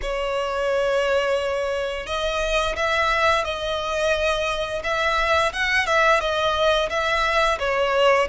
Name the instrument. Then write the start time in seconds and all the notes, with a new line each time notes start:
violin
0.02 C#5
2.06 D#5
2.76 E5
3.44 D#5
4.83 E5
5.52 F#5
5.86 E5
6.20 D#5
6.89 E5
7.59 C#5